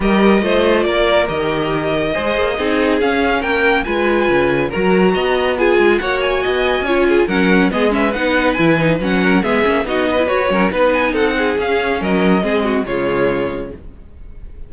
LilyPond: <<
  \new Staff \with { instrumentName = "violin" } { \time 4/4 \tempo 4 = 140 dis''2 d''4 dis''4~ | dis''2. f''4 | g''4 gis''2 ais''4~ | ais''4 gis''4 fis''8 gis''4.~ |
gis''4 fis''4 dis''8 e''8 fis''4 | gis''4 fis''4 e''4 dis''4 | cis''4 b'8 gis''8 fis''4 f''4 | dis''2 cis''2 | }
  \new Staff \with { instrumentName = "violin" } { \time 4/4 ais'4 c''4 ais'2~ | ais'4 c''4 gis'2 | ais'4 b'2 ais'4 | dis''4 gis'4 cis''4 dis''4 |
cis''8 gis'8 ais'4 gis'8 b'4.~ | b'4. ais'8 gis'4 fis'8 b'8~ | b'8 ais'8 b'4 a'8 gis'4. | ais'4 gis'8 fis'8 f'2 | }
  \new Staff \with { instrumentName = "viola" } { \time 4/4 g'4 f'2 g'4~ | g'4 gis'4 dis'4 cis'4~ | cis'4 f'2 fis'4~ | fis'4 f'4 fis'2 |
f'4 cis'4 b8 cis'8 dis'4 | e'8 dis'8 cis'4 b8 cis'8 dis'8. e'16 | fis'8 cis'8 dis'2 cis'4~ | cis'4 c'4 gis2 | }
  \new Staff \with { instrumentName = "cello" } { \time 4/4 g4 a4 ais4 dis4~ | dis4 gis8 ais8 c'4 cis'4 | ais4 gis4 cis4 fis4 | b4. gis8 ais4 b4 |
cis'4 fis4 gis4 b4 | e4 fis4 gis8 ais8 b4 | fis'8 fis8 b4 c'4 cis'4 | fis4 gis4 cis2 | }
>>